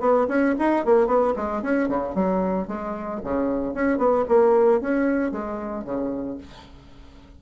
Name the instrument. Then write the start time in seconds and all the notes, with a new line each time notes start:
bassoon
0.00 B3
0.28 C#4
0.58 D#4
0.85 A#3
1.07 B3
1.36 G#3
1.62 C#4
1.88 C#3
2.15 F#3
2.67 G#3
3.23 C#3
3.74 C#4
3.98 B3
4.28 A#3
4.81 C#4
5.32 G#3
5.84 C#3